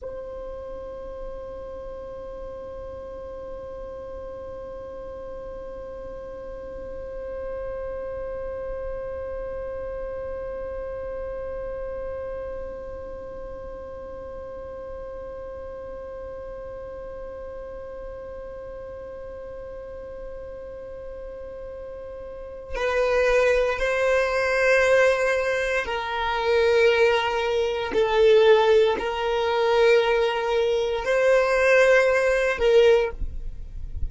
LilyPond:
\new Staff \with { instrumentName = "violin" } { \time 4/4 \tempo 4 = 58 c''1~ | c''1~ | c''1~ | c''1~ |
c''1~ | c''2 b'4 c''4~ | c''4 ais'2 a'4 | ais'2 c''4. ais'8 | }